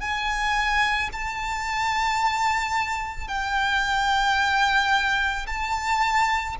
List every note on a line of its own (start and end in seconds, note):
0.00 1.09 G#5
1.13 3.28 A5
3.28 5.46 G5
5.46 6.56 A5